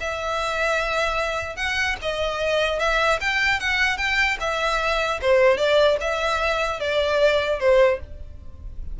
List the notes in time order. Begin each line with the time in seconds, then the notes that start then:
0.00 E5
1.56 F#5
2.01 D#5
2.79 E5
3.20 G5
3.60 F#5
3.97 G5
4.40 E5
5.21 C5
5.57 D5
6.00 E5
6.79 D5
7.59 C5